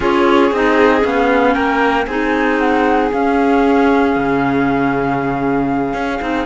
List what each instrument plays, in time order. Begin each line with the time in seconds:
0.00 cello C#4, clarinet F4, violin G#4, flute C#5
0.51 cello C4, clarinet D#4, flute D#5
1.00 cello B3, clarinet C#4, flute F5
1.53 cello A#3, violin A#4, flute G5
2.05 cello C4, clarinet D#4, violin G#4, flute G#5
2.58 flute F#5
3.12 cello C#4, clarinet C#4, flute F5
4.15 cello C#3
5.93 cello C#4
6.20 cello C4, clarinet D#4